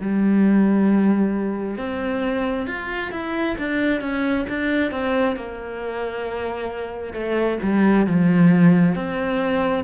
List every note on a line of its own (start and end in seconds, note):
0.00 1.77 G3
1.77 2.67 C4
2.67 3.11 F4
3.11 3.56 E4
3.58 4.01 D4
4.01 4.45 C#4
4.49 4.91 D4
4.91 5.36 C4
5.36 7.13 A#3
7.13 7.58 A3
7.62 8.06 G3
8.06 8.95 F3
8.95 9.84 C4